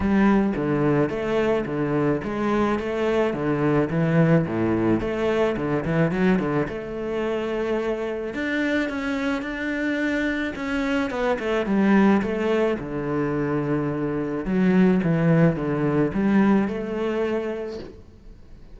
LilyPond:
\new Staff \with { instrumentName = "cello" } { \time 4/4 \tempo 4 = 108 g4 d4 a4 d4 | gis4 a4 d4 e4 | a,4 a4 d8 e8 fis8 d8 | a2. d'4 |
cis'4 d'2 cis'4 | b8 a8 g4 a4 d4~ | d2 fis4 e4 | d4 g4 a2 | }